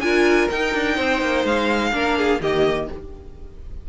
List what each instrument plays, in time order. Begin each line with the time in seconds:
0.00 cello D4, viola F4, violin A#4 G#5
0.50 viola D#4, cello D#4, violin G5
0.74 cello D4
0.95 cello C4, violin C5
1.21 cello A#3
1.44 cello G#3, violin F5
1.92 cello A#3, viola D4, violin A#4
2.18 violin G#4
2.40 cello D#3, viola A#3, violin G4 D#5